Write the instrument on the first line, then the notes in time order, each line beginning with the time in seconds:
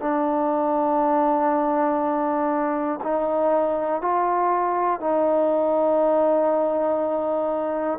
trombone
0.00 D4
3.04 D#4
4.01 F4
5.00 D#4